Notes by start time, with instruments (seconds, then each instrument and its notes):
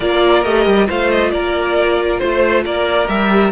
0.00 cello A#3, viola F4, violin A#4 D5
0.43 cello A3, viola G4, violin D#5
0.66 cello G3
0.86 cello A3, viola F4, violin C5 F5
1.10 violin D#5
1.30 cello A#3, violin A#4 D5
2.18 cello A3, violin C5
2.65 cello A#3, violin A#4 D5
3.07 cello G3, viola G4, violin E5